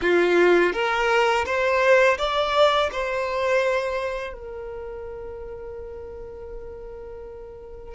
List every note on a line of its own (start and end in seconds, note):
0.01 0.72 F4
0.72 1.45 A#4
1.45 2.17 C5
2.18 2.90 D5
2.91 4.33 C5
4.33 7.94 A#4